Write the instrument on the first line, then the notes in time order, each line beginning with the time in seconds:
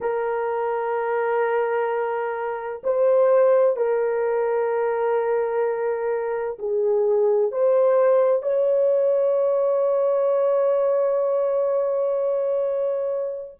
horn
0.00 A#4
2.83 C5
3.76 A#4
6.58 G#4
7.51 C5
8.42 C#5